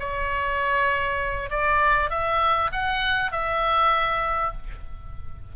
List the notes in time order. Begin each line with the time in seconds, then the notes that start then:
0.00 C#5
1.50 D5
2.10 E5
2.72 F#5
3.32 E5